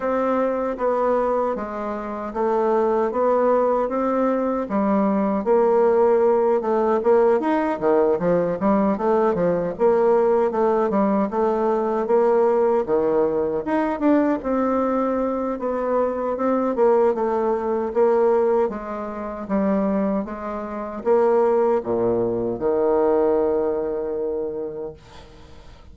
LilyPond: \new Staff \with { instrumentName = "bassoon" } { \time 4/4 \tempo 4 = 77 c'4 b4 gis4 a4 | b4 c'4 g4 ais4~ | ais8 a8 ais8 dis'8 dis8 f8 g8 a8 | f8 ais4 a8 g8 a4 ais8~ |
ais8 dis4 dis'8 d'8 c'4. | b4 c'8 ais8 a4 ais4 | gis4 g4 gis4 ais4 | ais,4 dis2. | }